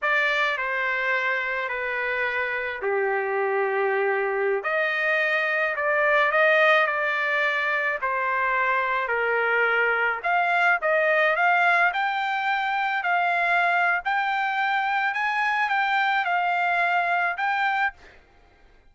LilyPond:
\new Staff \with { instrumentName = "trumpet" } { \time 4/4 \tempo 4 = 107 d''4 c''2 b'4~ | b'4 g'2.~ | g'16 dis''2 d''4 dis''8.~ | dis''16 d''2 c''4.~ c''16~ |
c''16 ais'2 f''4 dis''8.~ | dis''16 f''4 g''2 f''8.~ | f''4 g''2 gis''4 | g''4 f''2 g''4 | }